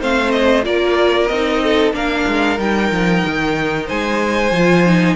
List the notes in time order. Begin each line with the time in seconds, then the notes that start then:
0.00 A3 C4 C5 F5
0.31 D#5
0.63 A#3 F4 A#4 D5
1.27 C4 D#4 D#5
1.62 A4
1.93 A#3 D4 A#4 F5
2.27 G#3
2.58 G3 D#4 G5
2.91 F3
3.25 D#3
3.86 G#3 C5 G#5
4.51 F3 F4
4.85 D#4